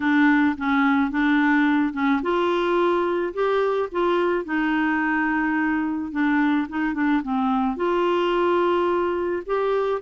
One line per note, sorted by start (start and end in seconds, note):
0.00 0.56 D4
0.57 1.11 C#4
1.11 1.93 D4
1.93 2.21 C#4
2.22 3.33 F4
3.33 3.89 G4
3.91 4.44 F4
4.44 6.11 D#4
6.11 6.67 D4
6.68 6.94 D#4
6.94 7.21 D4
7.22 7.76 C4
7.76 9.42 F4
9.46 10.01 G4